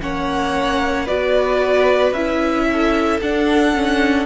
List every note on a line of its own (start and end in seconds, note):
0.00 1.08 A#3
0.00 1.06 C#4
0.00 1.05 C#5
0.00 1.07 F#5
1.05 2.12 B3
1.05 2.14 F#4
1.05 2.65 B4
1.05 2.13 D5
2.12 3.19 C#4
2.12 3.21 E4
2.12 3.20 E5
2.72 4.25 A4
3.20 4.25 D4
3.20 3.74 D4
3.20 4.25 F#5
3.74 4.25 C#4